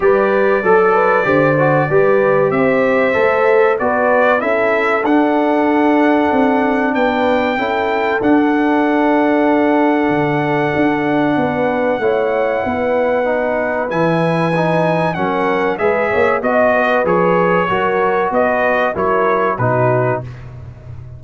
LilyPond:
<<
  \new Staff \with { instrumentName = "trumpet" } { \time 4/4 \tempo 4 = 95 d''1 | e''2 d''4 e''4 | fis''2. g''4~ | g''4 fis''2.~ |
fis''1~ | fis''2 gis''2 | fis''4 e''4 dis''4 cis''4~ | cis''4 dis''4 cis''4 b'4 | }
  \new Staff \with { instrumentName = "horn" } { \time 4/4 b'4 a'8 b'8 c''4 b'4 | c''2 b'4 a'4~ | a'2. b'4 | a'1~ |
a'2 b'4 cis''4 | b'1 | ais'4 b'8 cis''8 dis''8 b'4. | ais'4 b'4 ais'4 fis'4 | }
  \new Staff \with { instrumentName = "trombone" } { \time 4/4 g'4 a'4 g'8 fis'8 g'4~ | g'4 a'4 fis'4 e'4 | d'1 | e'4 d'2.~ |
d'2. e'4~ | e'4 dis'4 e'4 dis'4 | cis'4 gis'4 fis'4 gis'4 | fis'2 e'4 dis'4 | }
  \new Staff \with { instrumentName = "tuba" } { \time 4/4 g4 fis4 d4 g4 | c'4 a4 b4 cis'4 | d'2 c'4 b4 | cis'4 d'2. |
d4 d'4 b4 a4 | b2 e2 | fis4 gis8 ais8 b4 f4 | fis4 b4 fis4 b,4 | }
>>